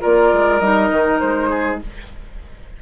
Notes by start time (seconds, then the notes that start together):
0.00 A#3 F4 A#4 D5
0.32 G#3
0.59 G3 D#4 D#5
0.91 D#3
1.19 G#3 C5
1.50 G#4